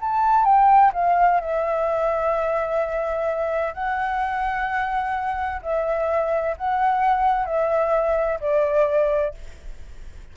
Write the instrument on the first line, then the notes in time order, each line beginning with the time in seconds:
flute
0.00 A5
0.45 G5
0.93 F5
1.40 E5
3.74 F#5
5.62 E5
6.57 F#5
7.45 E5
8.40 D5